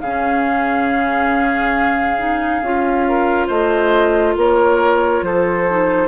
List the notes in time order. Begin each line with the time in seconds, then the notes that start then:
0.00 C#3 C#4 G#4 F5
2.18 D#4
2.61 C#4 F4
3.08 A#4
3.47 A3 C5 D#5
4.36 A#3 A#4 C#5
5.22 F3 A4 C5
5.69 D#4